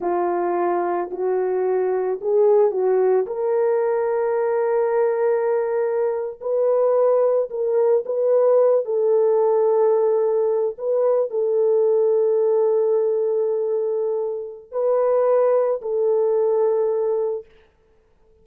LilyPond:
\new Staff \with { instrumentName = "horn" } { \time 4/4 \tempo 4 = 110 f'2 fis'2 | gis'4 fis'4 ais'2~ | ais'2.~ ais'8. b'16~ | b'4.~ b'16 ais'4 b'4~ b'16~ |
b'16 a'2.~ a'8 b'16~ | b'8. a'2.~ a'16~ | a'2. b'4~ | b'4 a'2. | }